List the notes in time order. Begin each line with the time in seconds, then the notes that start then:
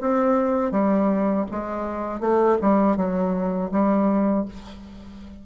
0.00 C4
0.71 G3
1.51 G#3
2.20 A3
2.61 G3
2.96 F#3
3.71 G3